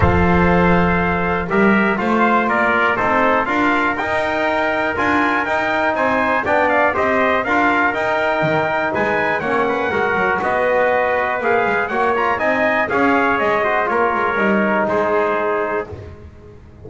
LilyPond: <<
  \new Staff \with { instrumentName = "trumpet" } { \time 4/4 \tempo 4 = 121 f''2. e''4 | f''4 d''4 c''4 f''4 | g''2 gis''4 g''4 | gis''4 g''8 f''8 dis''4 f''4 |
g''2 gis''4 fis''4~ | fis''4 dis''2 f''4 | fis''8 ais''8 gis''4 f''4 dis''4 | cis''2 c''2 | }
  \new Staff \with { instrumentName = "trumpet" } { \time 4/4 c''2. ais'4 | c''4 ais'4 a'4 ais'4~ | ais'1 | c''4 d''4 c''4 ais'4~ |
ais'2 b'4 cis''8 b'8 | ais'4 b'2. | cis''4 dis''4 cis''4. c''8 | ais'2 gis'2 | }
  \new Staff \with { instrumentName = "trombone" } { \time 4/4 a'2. g'4 | f'2 dis'4 f'4 | dis'2 f'4 dis'4~ | dis'4 d'4 g'4 f'4 |
dis'2. cis'4 | fis'2. gis'4 | fis'8 f'8 dis'4 gis'4. fis'8 | f'4 dis'2. | }
  \new Staff \with { instrumentName = "double bass" } { \time 4/4 f2. g4 | a4 ais4 c'4 d'4 | dis'2 d'4 dis'4 | c'4 b4 c'4 d'4 |
dis'4 dis4 gis4 ais4 | gis8 fis8 b2 ais8 gis8 | ais4 c'4 cis'4 gis4 | ais8 gis8 g4 gis2 | }
>>